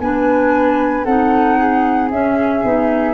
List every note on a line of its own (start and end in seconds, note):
0.00 1.05 B3
0.00 1.07 D4
0.00 1.05 B4
0.00 1.05 G#5
1.05 2.11 C4
1.05 2.12 D#4
1.05 1.58 A4
1.05 2.10 F#5
1.59 3.15 G#4
2.11 2.64 C#4
2.11 3.15 E5
2.64 3.15 B3
2.64 3.15 D#4